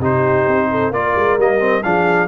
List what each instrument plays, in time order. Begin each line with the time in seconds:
0.00 tuba C3, trombone D#4, horn G4, trumpet C5
0.47 tuba C4
0.71 horn A4
0.91 tuba A#3, trombone F4, horn A#4, trumpet D5
1.15 tuba G#3
1.38 tuba G3, trombone A#3, trumpet D#5
1.59 trombone C4
1.83 tuba F3, trombone D4, horn G#4, trumpet F5